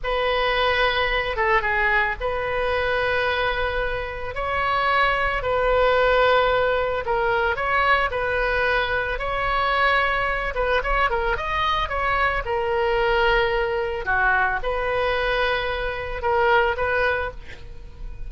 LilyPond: \new Staff \with { instrumentName = "oboe" } { \time 4/4 \tempo 4 = 111 b'2~ b'8 a'8 gis'4 | b'1 | cis''2 b'2~ | b'4 ais'4 cis''4 b'4~ |
b'4 cis''2~ cis''8 b'8 | cis''8 ais'8 dis''4 cis''4 ais'4~ | ais'2 fis'4 b'4~ | b'2 ais'4 b'4 | }